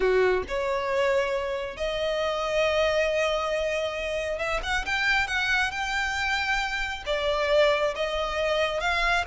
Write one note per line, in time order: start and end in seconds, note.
0.00 0.43 F#4
0.47 1.76 C#5
1.76 4.38 D#5
4.38 4.60 E5
4.63 4.85 F#5
4.85 5.27 G5
5.27 5.71 F#5
5.71 7.03 G5
7.06 7.94 D5
7.95 8.80 D#5
8.80 9.24 F5